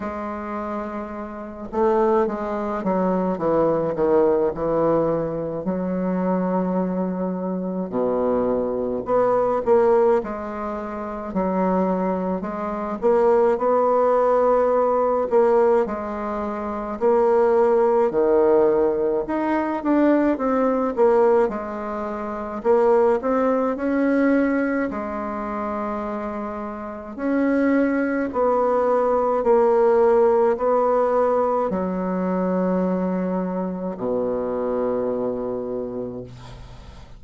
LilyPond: \new Staff \with { instrumentName = "bassoon" } { \time 4/4 \tempo 4 = 53 gis4. a8 gis8 fis8 e8 dis8 | e4 fis2 b,4 | b8 ais8 gis4 fis4 gis8 ais8 | b4. ais8 gis4 ais4 |
dis4 dis'8 d'8 c'8 ais8 gis4 | ais8 c'8 cis'4 gis2 | cis'4 b4 ais4 b4 | fis2 b,2 | }